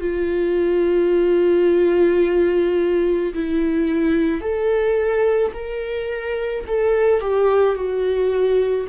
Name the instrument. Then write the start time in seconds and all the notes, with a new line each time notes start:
viola
0.00 F4
3.33 E4
4.41 A4
5.53 A#4
6.67 A4
7.20 G4
7.75 F#4